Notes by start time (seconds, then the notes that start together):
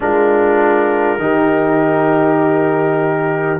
0.00 G#3 D4 F4 A#4
1.19 D#3 D#4 G4